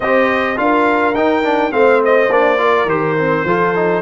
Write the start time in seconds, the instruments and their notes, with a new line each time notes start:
0.00 tuba C4, trombone G4, horn C5, trumpet D#5
0.56 tuba D4, trombone F4, horn A#4, trumpet F5
1.13 tuba D#4, trombone D#4, trumpet G5
1.43 trombone D4
1.71 tuba A3, trombone C4, horn C5, trumpet F5
2.04 trumpet D#5
2.29 tuba A#3, trombone D4, trumpet D5
2.57 trombone F4, horn A#4
2.85 tuba D#3, trombone G4, trumpet C5
3.18 trombone C4
3.44 tuba F3, trombone F4, horn A4
3.75 trombone D#4